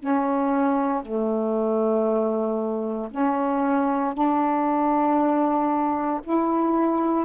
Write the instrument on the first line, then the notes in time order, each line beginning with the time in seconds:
saxophone
0.00 C#4
1.03 A3
3.11 C#4
4.14 D4
6.24 E4